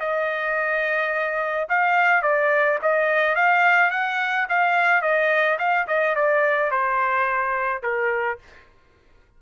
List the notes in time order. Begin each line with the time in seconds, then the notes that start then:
0.00 D#5
1.69 F5
2.23 D5
2.82 D#5
3.36 F5
3.91 F#5
4.49 F5
5.02 D#5
5.59 F5
5.88 D#5
6.16 D5
6.71 C5
7.83 A#4